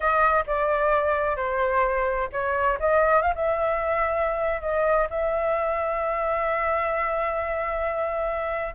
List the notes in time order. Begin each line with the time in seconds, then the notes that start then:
0.00 D#5
0.46 D5
1.36 C5
2.32 C#5
2.79 D#5
3.22 F5
3.35 E5
4.61 D#5
5.10 E5